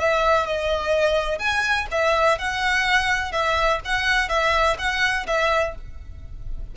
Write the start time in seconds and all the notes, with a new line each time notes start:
0.00 E5
0.47 D#5
1.39 G#5
1.91 E5
2.39 F#5
3.32 E5
3.85 F#5
4.29 E5
4.79 F#5
5.27 E5